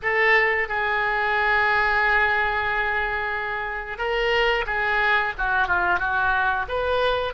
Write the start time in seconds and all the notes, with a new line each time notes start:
0.02 A4
0.68 G#4
3.98 A#4
4.66 G#4
5.38 F#4
5.67 F4
5.99 F#4
6.68 B4